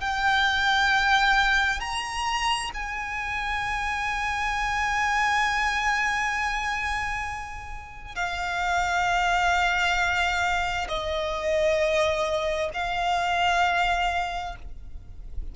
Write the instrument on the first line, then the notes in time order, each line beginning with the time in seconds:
violin
0.00 G5
1.80 A#5
2.74 G#5
8.15 F5
10.88 D#5
12.74 F5